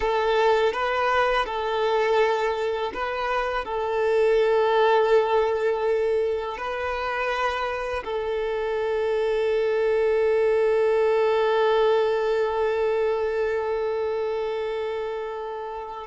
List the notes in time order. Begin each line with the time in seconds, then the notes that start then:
0.00 A4
0.73 B4
1.45 A4
2.93 B4
3.64 A4
6.57 B4
8.04 A4